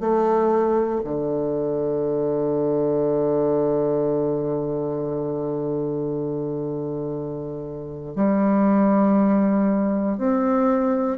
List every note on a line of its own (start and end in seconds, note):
0.00 1.02 A3
1.04 8.16 D3
8.16 10.18 G3
10.18 11.18 C4